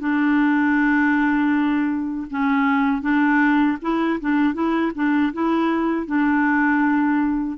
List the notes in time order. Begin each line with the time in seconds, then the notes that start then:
0.00 D4
2.31 C#4
3.02 D4
3.82 E4
4.21 D4
4.54 E4
4.95 D4
5.33 E4
6.07 D4